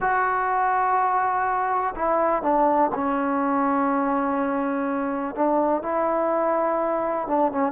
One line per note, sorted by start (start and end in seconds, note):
0.00 1.94 F#4
1.95 2.42 E4
2.42 2.90 D4
2.94 5.34 C#4
5.34 5.82 D4
5.82 7.27 E4
7.27 7.51 D4
7.51 7.72 C#4